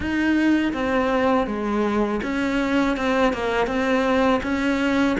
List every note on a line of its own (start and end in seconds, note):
0.00 0.72 D#4
0.73 1.46 C4
1.46 2.20 G#3
2.22 2.96 C#4
2.96 3.33 C4
3.33 3.66 A#3
3.66 4.40 C4
4.42 5.16 C#4